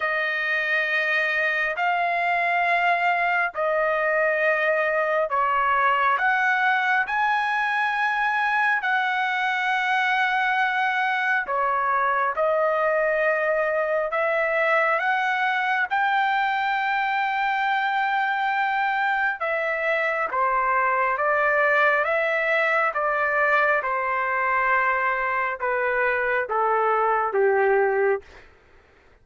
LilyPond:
\new Staff \with { instrumentName = "trumpet" } { \time 4/4 \tempo 4 = 68 dis''2 f''2 | dis''2 cis''4 fis''4 | gis''2 fis''2~ | fis''4 cis''4 dis''2 |
e''4 fis''4 g''2~ | g''2 e''4 c''4 | d''4 e''4 d''4 c''4~ | c''4 b'4 a'4 g'4 | }